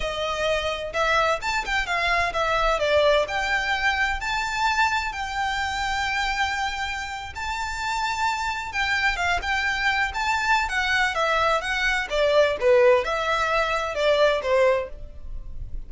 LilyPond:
\new Staff \with { instrumentName = "violin" } { \time 4/4 \tempo 4 = 129 dis''2 e''4 a''8 g''8 | f''4 e''4 d''4 g''4~ | g''4 a''2 g''4~ | g''2.~ g''8. a''16~ |
a''2~ a''8. g''4 f''16~ | f''16 g''4. a''4~ a''16 fis''4 | e''4 fis''4 d''4 b'4 | e''2 d''4 c''4 | }